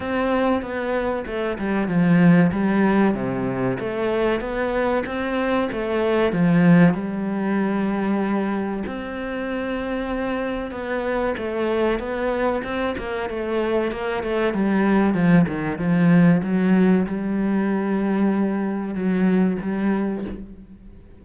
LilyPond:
\new Staff \with { instrumentName = "cello" } { \time 4/4 \tempo 4 = 95 c'4 b4 a8 g8 f4 | g4 c4 a4 b4 | c'4 a4 f4 g4~ | g2 c'2~ |
c'4 b4 a4 b4 | c'8 ais8 a4 ais8 a8 g4 | f8 dis8 f4 fis4 g4~ | g2 fis4 g4 | }